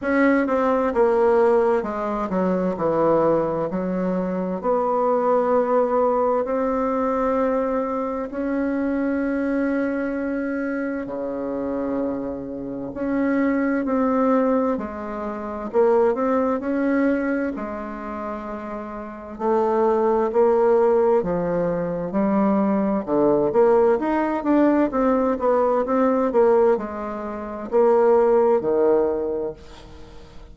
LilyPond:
\new Staff \with { instrumentName = "bassoon" } { \time 4/4 \tempo 4 = 65 cis'8 c'8 ais4 gis8 fis8 e4 | fis4 b2 c'4~ | c'4 cis'2. | cis2 cis'4 c'4 |
gis4 ais8 c'8 cis'4 gis4~ | gis4 a4 ais4 f4 | g4 d8 ais8 dis'8 d'8 c'8 b8 | c'8 ais8 gis4 ais4 dis4 | }